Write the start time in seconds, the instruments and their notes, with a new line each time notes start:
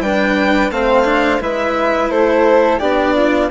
0.00 bassoon G3, cello D4, flute B4, violin G5
0.70 bassoon A3, cello C4, flute C5, violin F5
1.05 cello D4
1.40 bassoon G#3, cello E4, flute B4, violin E5
2.10 bassoon A3, flute A4, violin C5
2.78 bassoon B3, cello D4, flute G4, violin D5
3.15 flute F4